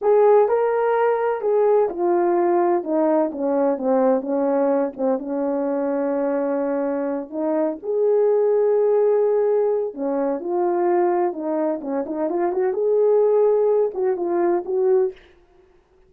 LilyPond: \new Staff \with { instrumentName = "horn" } { \time 4/4 \tempo 4 = 127 gis'4 ais'2 gis'4 | f'2 dis'4 cis'4 | c'4 cis'4. c'8 cis'4~ | cis'2.~ cis'8 dis'8~ |
dis'8 gis'2.~ gis'8~ | gis'4 cis'4 f'2 | dis'4 cis'8 dis'8 f'8 fis'8 gis'4~ | gis'4. fis'8 f'4 fis'4 | }